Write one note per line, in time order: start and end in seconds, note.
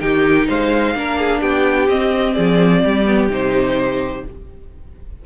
0.00 0.48 D#3
0.00 0.95 D#4
0.00 0.47 G4
0.00 0.47 G5
0.47 0.95 G#3
0.47 0.94 C5
0.47 1.41 F5
0.95 1.41 A#3
0.95 1.88 D4
0.95 1.19 A#4
1.19 1.40 G#4
1.40 1.88 B3
1.40 2.34 G4
1.40 1.88 G5
1.88 2.35 C4
1.88 3.05 C4
1.88 2.34 D#5
2.34 2.84 F3
2.34 2.81 G#4
2.34 3.27 D5
2.84 3.29 G3
2.84 4.25 G4
3.05 3.29 B3
3.29 4.22 C3
3.29 4.24 D#4
3.29 4.25 C5